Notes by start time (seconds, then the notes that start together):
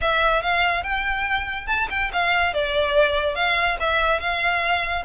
0.01 E5
0.42 F5
0.83 G5
1.66 A5
1.90 G5
2.13 F5
2.53 D5
3.35 F5
3.80 E5
4.20 F5